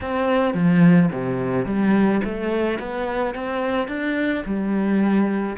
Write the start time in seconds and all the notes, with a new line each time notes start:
0.00 C4
0.54 F3
1.12 C3
1.65 G3
2.24 A3
2.79 B3
3.35 C4
3.88 D4
4.45 G3